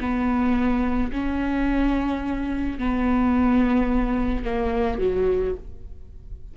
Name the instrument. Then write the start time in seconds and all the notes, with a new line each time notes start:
viola
0.00 B3
1.12 C#4
2.78 B3
4.44 A#3
4.98 F#3